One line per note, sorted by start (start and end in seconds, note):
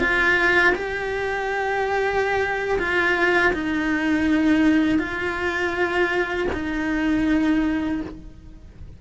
0.00 0.74 F4
0.75 2.78 G4
2.79 3.53 F4
3.53 4.99 D#4
4.99 6.47 F4
6.53 8.01 D#4